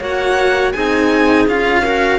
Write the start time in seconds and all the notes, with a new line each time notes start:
0.00 A#3 F#4 C#5 F#5
0.72 C4 D#4 G#4 G#5
1.47 C#4 F4 F5
1.81 F#4 A#4